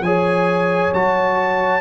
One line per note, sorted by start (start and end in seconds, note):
0.00 0.90 F3
0.00 0.94 G#4
0.00 1.81 C#5
0.00 0.92 G#5
0.93 1.81 F#3
0.93 1.81 F#4
0.93 1.81 A5